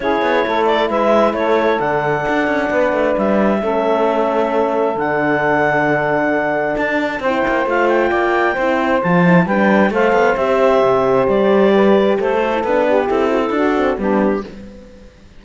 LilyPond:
<<
  \new Staff \with { instrumentName = "clarinet" } { \time 4/4 \tempo 4 = 133 cis''4. d''8 e''4 cis''4 | fis''2. e''4~ | e''2. fis''4~ | fis''2. a''4 |
g''4 f''8 g''2~ g''8 | a''4 g''4 f''4 e''4~ | e''4 d''2 c''4 | b'4 a'2 g'4 | }
  \new Staff \with { instrumentName = "saxophone" } { \time 4/4 gis'4 a'4 b'4 a'4~ | a'2 b'2 | a'1~ | a'1 |
c''2 d''4 c''4~ | c''4 b'4 c''2~ | c''2 b'4 a'4~ | a'8 g'4 fis'16 e'16 fis'4 d'4 | }
  \new Staff \with { instrumentName = "horn" } { \time 4/4 e'1 | d'1 | cis'2. d'4~ | d'1 |
e'4 f'2 e'4 | f'8 e'8 d'4 a'4 g'4~ | g'2.~ g'8 fis'16 e'16 | d'4 e'4 d'8 c'8 b4 | }
  \new Staff \with { instrumentName = "cello" } { \time 4/4 cis'8 b8 a4 gis4 a4 | d4 d'8 cis'8 b8 a8 g4 | a2. d4~ | d2. d'4 |
c'8 ais8 a4 ais4 c'4 | f4 g4 a8 b8 c'4 | c4 g2 a4 | b4 c'4 d'4 g4 | }
>>